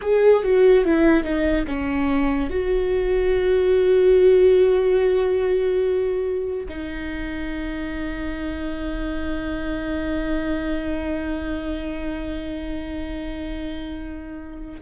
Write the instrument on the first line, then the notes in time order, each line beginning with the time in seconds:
viola
0.02 G#4
0.43 F#4
0.84 E4
1.23 D#4
1.67 C#4
2.50 F#4
6.69 D#4